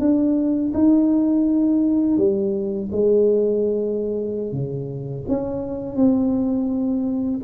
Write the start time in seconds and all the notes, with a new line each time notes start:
0.00 D4
0.74 D#4
2.18 G3
2.92 G#3
4.52 C#3
5.29 C#4
5.96 C4